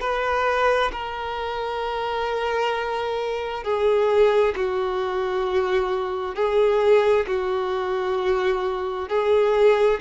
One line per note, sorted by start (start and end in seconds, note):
0.00 0.91 B4
0.91 3.63 A#4
3.63 4.54 G#4
4.56 6.35 F#4
6.35 7.26 G#4
7.26 9.08 F#4
9.09 10.00 G#4